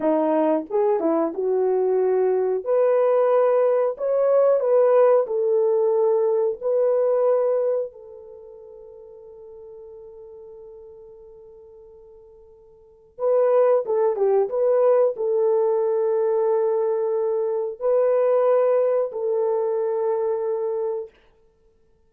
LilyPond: \new Staff \with { instrumentName = "horn" } { \time 4/4 \tempo 4 = 91 dis'4 gis'8 e'8 fis'2 | b'2 cis''4 b'4 | a'2 b'2 | a'1~ |
a'1 | b'4 a'8 g'8 b'4 a'4~ | a'2. b'4~ | b'4 a'2. | }